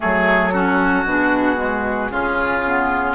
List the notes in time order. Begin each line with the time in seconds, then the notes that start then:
0.00 F#3 A3 G#4 A4
0.53 C#4 F#4
1.04 B2 D4 G#4
1.56 G#3
2.10 C#3 C#4 F4
2.65 B3